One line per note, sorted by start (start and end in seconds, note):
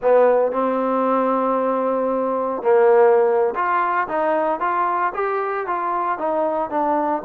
0.02 0.52 B3
0.52 2.62 C4
2.62 3.54 A#3
3.55 4.07 F4
4.08 4.60 D#4
4.60 5.12 F4
5.14 5.66 G4
5.66 6.18 F4
6.18 6.69 D#4
6.69 7.22 D4